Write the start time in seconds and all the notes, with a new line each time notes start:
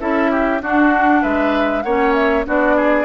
0.00 C#4 E4 A4 E5
0.31 G4
0.62 D4 F#4 F#5
1.22 G#3 B4 E5
1.83 A#3 C#4 C#5 F#5
2.14 E5
2.46 B3 D4 F#4 D5
2.76 G#4